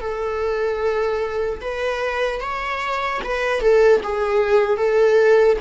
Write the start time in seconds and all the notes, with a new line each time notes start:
0.00 A4
1.60 B4
2.40 C#5
3.24 B4
3.60 A4
4.03 G#4
4.77 A4